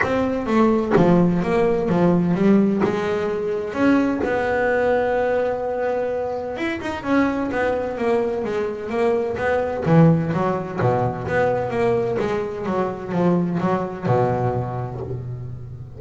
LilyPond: \new Staff \with { instrumentName = "double bass" } { \time 4/4 \tempo 4 = 128 c'4 a4 f4 ais4 | f4 g4 gis2 | cis'4 b2.~ | b2 e'8 dis'8 cis'4 |
b4 ais4 gis4 ais4 | b4 e4 fis4 b,4 | b4 ais4 gis4 fis4 | f4 fis4 b,2 | }